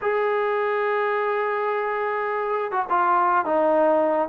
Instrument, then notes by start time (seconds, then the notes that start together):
trombone
0.01 G#4
2.71 F#4
2.89 F4
3.45 D#4